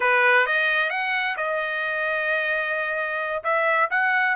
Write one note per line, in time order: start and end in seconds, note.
0.00 0.46 B4
0.46 0.90 D#5
0.90 1.36 F#5
1.37 3.43 D#5
3.43 3.89 E5
3.90 4.35 F#5